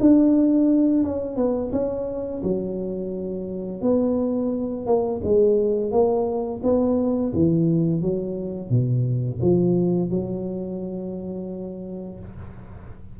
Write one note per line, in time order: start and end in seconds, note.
0.00 1.03 D4
1.03 1.36 C#4
1.36 1.71 B3
1.72 2.42 C#4
2.43 3.81 F#3
3.81 4.86 B3
4.86 5.21 A#3
5.24 5.91 G#3
5.91 6.61 A#3
6.63 7.33 B3
7.33 8.01 E3
8.01 8.69 F#3
8.69 9.39 B2
9.41 10.10 F3
10.10 12.19 F#3